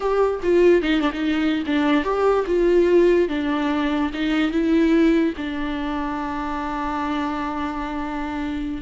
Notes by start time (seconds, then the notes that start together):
0.00 G4
0.42 F4
0.82 D#4
1.00 D4
1.12 D#4
1.66 D4
2.04 G4
2.46 F4
3.28 D4
4.13 D#4
4.51 E4
5.37 D4